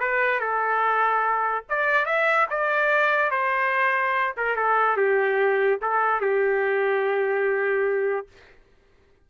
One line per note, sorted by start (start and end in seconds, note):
0.00 0.40 B4
0.40 1.64 A4
1.69 2.06 D5
2.06 2.47 E5
2.50 3.31 D5
3.31 4.34 C5
4.37 4.56 A#4
4.56 4.97 A4
4.97 5.79 G4
5.81 6.21 A4
6.21 8.28 G4